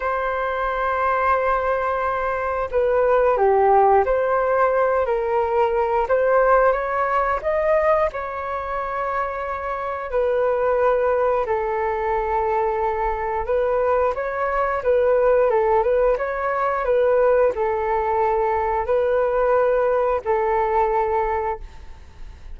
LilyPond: \new Staff \with { instrumentName = "flute" } { \time 4/4 \tempo 4 = 89 c''1 | b'4 g'4 c''4. ais'8~ | ais'4 c''4 cis''4 dis''4 | cis''2. b'4~ |
b'4 a'2. | b'4 cis''4 b'4 a'8 b'8 | cis''4 b'4 a'2 | b'2 a'2 | }